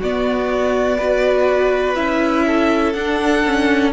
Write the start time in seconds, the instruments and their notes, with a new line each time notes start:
0.00 viola B3, cello B3, violin F#4 D5
0.98 viola F#4, violin B4
1.96 cello C#4, viola E4, violin E5
2.47 violin A4
2.93 cello D4, viola D4, violin F#5
3.46 viola C#4